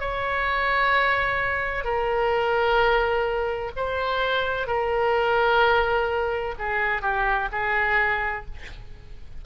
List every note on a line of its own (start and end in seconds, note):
0.00 1.85 C#5
1.85 3.72 A#4
3.76 4.67 C5
4.67 6.55 A#4
6.59 7.02 G#4
7.02 7.49 G4
7.52 8.46 G#4